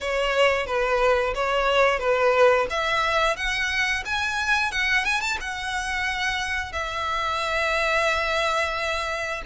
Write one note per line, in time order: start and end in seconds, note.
0.01 0.66 C#5
0.66 1.33 B4
1.35 1.99 C#5
1.99 2.66 B4
2.70 3.36 E5
3.36 4.03 F#5
4.05 4.71 G#5
4.71 5.04 F#5
5.04 5.20 G#5
5.20 5.37 A5
5.40 6.72 F#5
6.72 9.42 E5